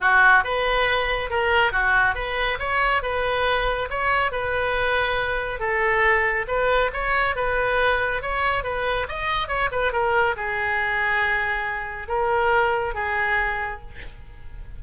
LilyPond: \new Staff \with { instrumentName = "oboe" } { \time 4/4 \tempo 4 = 139 fis'4 b'2 ais'4 | fis'4 b'4 cis''4 b'4~ | b'4 cis''4 b'2~ | b'4 a'2 b'4 |
cis''4 b'2 cis''4 | b'4 dis''4 cis''8 b'8 ais'4 | gis'1 | ais'2 gis'2 | }